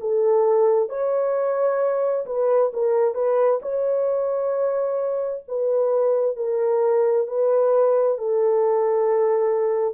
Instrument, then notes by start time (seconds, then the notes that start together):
horn
0.00 A4
0.89 C#5
2.26 B4
2.73 A#4
3.14 B4
3.62 C#5
5.48 B4
6.36 A#4
7.27 B4
8.17 A4